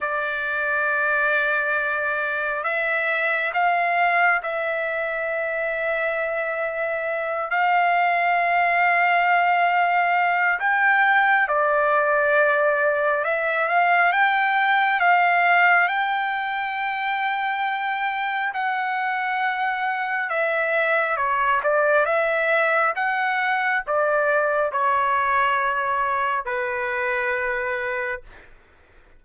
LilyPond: \new Staff \with { instrumentName = "trumpet" } { \time 4/4 \tempo 4 = 68 d''2. e''4 | f''4 e''2.~ | e''8 f''2.~ f''8 | g''4 d''2 e''8 f''8 |
g''4 f''4 g''2~ | g''4 fis''2 e''4 | cis''8 d''8 e''4 fis''4 d''4 | cis''2 b'2 | }